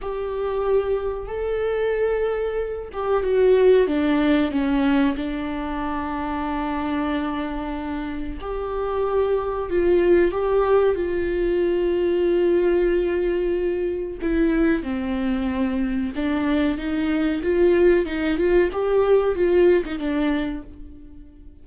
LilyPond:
\new Staff \with { instrumentName = "viola" } { \time 4/4 \tempo 4 = 93 g'2 a'2~ | a'8 g'8 fis'4 d'4 cis'4 | d'1~ | d'4 g'2 f'4 |
g'4 f'2.~ | f'2 e'4 c'4~ | c'4 d'4 dis'4 f'4 | dis'8 f'8 g'4 f'8. dis'16 d'4 | }